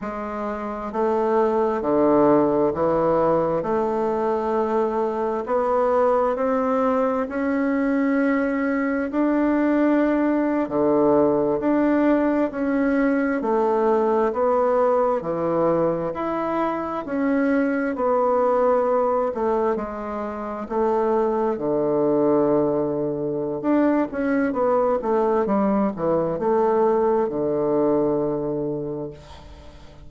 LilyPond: \new Staff \with { instrumentName = "bassoon" } { \time 4/4 \tempo 4 = 66 gis4 a4 d4 e4 | a2 b4 c'4 | cis'2 d'4.~ d'16 d16~ | d8. d'4 cis'4 a4 b16~ |
b8. e4 e'4 cis'4 b16~ | b4~ b16 a8 gis4 a4 d16~ | d2 d'8 cis'8 b8 a8 | g8 e8 a4 d2 | }